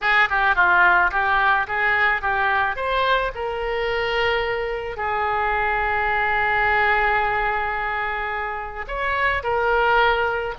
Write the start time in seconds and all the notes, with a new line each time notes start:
0.01 G#4
0.29 G4
0.55 F4
1.11 G4
1.67 G#4
2.21 G4
2.76 C5
3.35 A#4
4.96 G#4
8.87 C#5
9.43 A#4